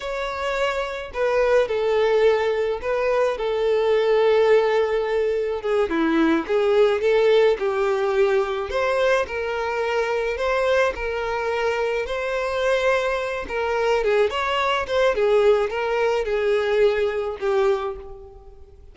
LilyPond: \new Staff \with { instrumentName = "violin" } { \time 4/4 \tempo 4 = 107 cis''2 b'4 a'4~ | a'4 b'4 a'2~ | a'2 gis'8 e'4 gis'8~ | gis'8 a'4 g'2 c''8~ |
c''8 ais'2 c''4 ais'8~ | ais'4. c''2~ c''8 | ais'4 gis'8 cis''4 c''8 gis'4 | ais'4 gis'2 g'4 | }